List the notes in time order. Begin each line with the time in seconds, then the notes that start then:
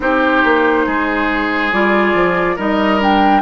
0.00 C4 D#4 G4 C5
0.44 A#3
0.86 G#3 G#4
1.72 G3 F4 D5
2.14 F3
2.56 G3 D#4 A#4 D#5
2.99 D4 G5